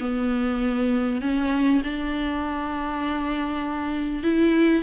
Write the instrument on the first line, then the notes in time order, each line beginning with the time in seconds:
viola
0.00 B3
1.21 C#4
1.84 D4
4.24 E4